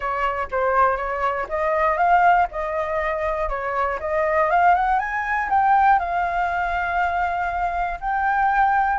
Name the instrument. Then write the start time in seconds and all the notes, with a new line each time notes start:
flute
0.00 C#5
0.51 C5
0.96 C#5
1.49 D#5
1.97 F5
2.51 D#5
3.49 C#5
4.00 D#5
4.50 F5
4.75 F#5
4.99 G#5
5.49 G5
5.99 F5
8.00 G5